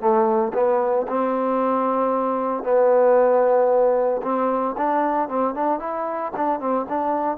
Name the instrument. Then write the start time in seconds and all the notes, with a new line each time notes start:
trombone
0.00 A3
0.54 B3
1.08 C4
2.64 B3
4.23 C4
4.78 D4
5.29 C4
5.55 D4
5.80 E4
6.36 D4
6.60 C4
6.89 D4